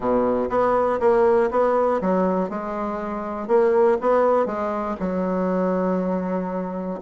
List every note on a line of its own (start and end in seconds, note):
0.00 0.49 B2
0.49 0.99 B3
1.00 1.50 A#3
1.50 2.00 B3
2.01 2.49 F#3
2.49 3.47 G#3
3.47 3.97 A#3
4.00 4.46 B3
4.46 4.96 G#3
5.00 7.00 F#3